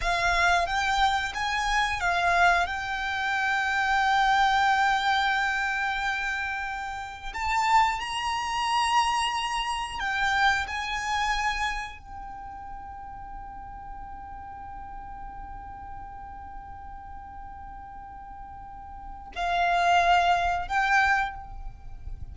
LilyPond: \new Staff \with { instrumentName = "violin" } { \time 4/4 \tempo 4 = 90 f''4 g''4 gis''4 f''4 | g''1~ | g''2. a''4 | ais''2. g''4 |
gis''2 g''2~ | g''1~ | g''1~ | g''4 f''2 g''4 | }